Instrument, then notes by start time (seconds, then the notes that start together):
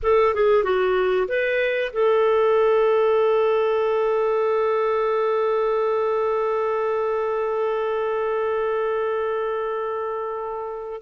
clarinet
0.02 A4
0.34 G#4
0.63 F#4
1.28 B4
1.92 A4